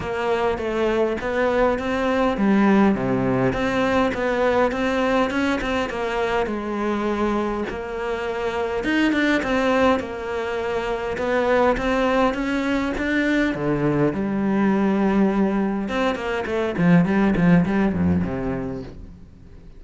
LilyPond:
\new Staff \with { instrumentName = "cello" } { \time 4/4 \tempo 4 = 102 ais4 a4 b4 c'4 | g4 c4 c'4 b4 | c'4 cis'8 c'8 ais4 gis4~ | gis4 ais2 dis'8 d'8 |
c'4 ais2 b4 | c'4 cis'4 d'4 d4 | g2. c'8 ais8 | a8 f8 g8 f8 g8 f,8 c4 | }